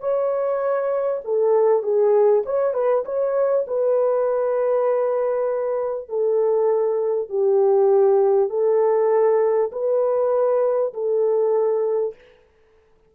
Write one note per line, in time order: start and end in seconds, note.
0.00 1.21 C#5
1.25 1.83 A4
1.83 2.43 G#4
2.46 2.74 C#5
2.74 3.04 B4
3.05 3.66 C#5
3.67 6.09 B4
6.09 7.29 A4
7.29 8.50 G4
8.50 9.71 A4
9.72 10.93 B4
10.94 12.15 A4